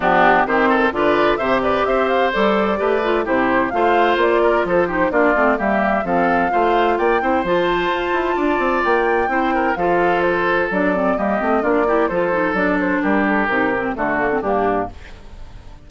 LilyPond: <<
  \new Staff \with { instrumentName = "flute" } { \time 4/4 \tempo 4 = 129 g'4 c''4 d''4 e''8 d''8 | e''8 f''8 d''2 c''4 | f''4 d''4 c''4 d''4 | e''4 f''2 g''4 |
a''2. g''4~ | g''4 f''4 c''4 d''4 | dis''4 d''4 c''4 d''8 c''8 | ais'8 a'8 ais'4 a'4 g'4 | }
  \new Staff \with { instrumentName = "oboe" } { \time 4/4 d'4 g'8 a'8 b'4 c''8 b'8 | c''2 b'4 g'4 | c''4. ais'8 a'8 g'8 f'4 | g'4 a'4 c''4 d''8 c''8~ |
c''2 d''2 | c''8 ais'8 a'2. | g'4 f'8 g'8 a'2 | g'2 fis'4 d'4 | }
  \new Staff \with { instrumentName = "clarinet" } { \time 4/4 b4 c'4 f'4 g'4~ | g'4 a'4 g'8 f'8 e'4 | f'2~ f'8 dis'8 d'8 c'8 | ais4 c'4 f'4. e'8 |
f'1 | e'4 f'2 d'8 c'8 | ais8 c'8 d'8 e'8 f'8 dis'8 d'4~ | d'4 dis'8 c'8 a8 ais16 c'16 ais4 | }
  \new Staff \with { instrumentName = "bassoon" } { \time 4/4 f4 dis4 d4 c4 | c'4 g4 a4 c4 | a4 ais4 f4 ais8 a8 | g4 f4 a4 ais8 c'8 |
f4 f'8 e'8 d'8 c'8 ais4 | c'4 f2 fis4 | g8 a8 ais4 f4 fis4 | g4 c4 d4 g,4 | }
>>